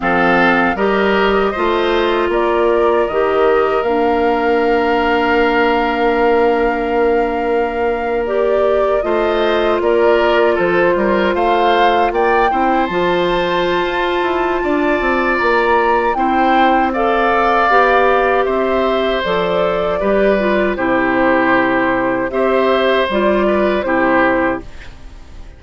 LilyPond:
<<
  \new Staff \with { instrumentName = "flute" } { \time 4/4 \tempo 4 = 78 f''4 dis''2 d''4 | dis''4 f''2.~ | f''2~ f''8. d''4 dis''16~ | dis''8. d''4 c''4 f''4 g''16~ |
g''8. a''2.~ a''16 | ais''4 g''4 f''2 | e''4 d''2 c''4~ | c''4 e''4 d''4 c''4 | }
  \new Staff \with { instrumentName = "oboe" } { \time 4/4 a'4 ais'4 c''4 ais'4~ | ais'1~ | ais'2.~ ais'8. c''16~ | c''8. ais'4 a'8 ais'8 c''4 d''16~ |
d''16 c''2~ c''8. d''4~ | d''4 c''4 d''2 | c''2 b'4 g'4~ | g'4 c''4. b'8 g'4 | }
  \new Staff \with { instrumentName = "clarinet" } { \time 4/4 c'4 g'4 f'2 | g'4 d'2.~ | d'2~ d'8. g'4 f'16~ | f'1~ |
f'16 e'8 f'2.~ f'16~ | f'4 e'4 a'4 g'4~ | g'4 a'4 g'8 f'8 e'4~ | e'4 g'4 f'4 e'4 | }
  \new Staff \with { instrumentName = "bassoon" } { \time 4/4 f4 g4 a4 ais4 | dis4 ais2.~ | ais2.~ ais8. a16~ | a8. ais4 f8 g8 a4 ais16~ |
ais16 c'8 f4~ f16 f'8 e'8 d'8 c'8 | ais4 c'2 b4 | c'4 f4 g4 c4~ | c4 c'4 g4 c4 | }
>>